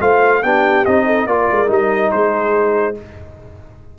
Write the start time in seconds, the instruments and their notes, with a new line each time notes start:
0.00 tuba A3, trombone F4, horn C5, trumpet F5
0.43 tuba B3, trombone D4, horn G4, trumpet G5
0.85 tuba C4, trombone D#4, trumpet D#5
1.06 horn A4
1.26 tuba A#3, trombone F4, horn A#4, trumpet D5
1.51 tuba G#3
1.67 tuba G3, trombone D#4, trumpet D#5
2.11 tuba G#3, horn G#4, trumpet C5